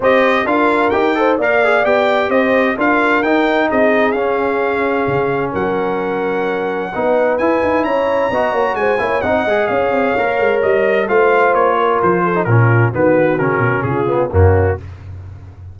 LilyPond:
<<
  \new Staff \with { instrumentName = "trumpet" } { \time 4/4 \tempo 4 = 130 dis''4 f''4 g''4 f''4 | g''4 dis''4 f''4 g''4 | dis''4 f''2. | fis''1 |
gis''4 ais''2 gis''4 | fis''4 f''2 dis''4 | f''4 cis''4 c''4 ais'4 | b'4 ais'4 gis'4 fis'4 | }
  \new Staff \with { instrumentName = "horn" } { \time 4/4 c''4 ais'4. c''8 d''4~ | d''4 c''4 ais'2 | gis'1 | ais'2. b'4~ |
b'4 cis''4 dis''8 cis''8 c''8 cis''8 | dis''4 cis''2. | c''4. ais'4 a'8 f'4 | fis'2 f'4 cis'4 | }
  \new Staff \with { instrumentName = "trombone" } { \time 4/4 g'4 f'4 g'8 a'8 ais'8 gis'8 | g'2 f'4 dis'4~ | dis'4 cis'2.~ | cis'2. dis'4 |
e'2 fis'4. e'8 | dis'8 gis'4. ais'2 | f'2~ f'8. dis'16 cis'4 | b4 cis'4. b8 ais4 | }
  \new Staff \with { instrumentName = "tuba" } { \time 4/4 c'4 d'4 dis'4 ais4 | b4 c'4 d'4 dis'4 | c'4 cis'2 cis4 | fis2. b4 |
e'8 dis'8 cis'4 b8 ais8 gis8 ais8 | c'8 gis8 cis'8 c'8 ais8 gis8 g4 | a4 ais4 f4 ais,4 | dis4 cis8 b,8 cis4 fis,4 | }
>>